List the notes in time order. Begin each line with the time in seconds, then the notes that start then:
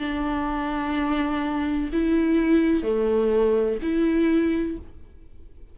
0.00 D4
1.93 E4
2.84 A3
3.83 E4